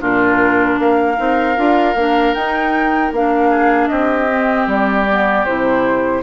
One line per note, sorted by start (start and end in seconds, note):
0.00 0.78 A#2
0.00 1.16 D4
0.00 0.78 F4
0.00 0.80 A#4
0.78 1.17 A#3
0.78 3.50 A#4
0.78 2.33 F5
1.16 1.57 C4
1.16 1.55 D#4
1.56 1.94 D4
1.56 1.95 F4
1.94 2.33 A#3
1.94 2.36 D4
2.33 3.12 D#4
2.33 3.14 D#4
2.33 3.11 G5
3.12 3.89 A#3
3.12 4.29 D4
3.12 3.88 F5
3.50 3.88 G#4
3.88 4.67 C4
3.88 6.22 G4
3.88 4.66 D#5
4.29 5.06 C4
4.67 5.44 G3
4.67 5.45 D5
5.09 5.46 B3
5.45 6.22 C3
5.45 6.22 E4
5.45 6.22 C5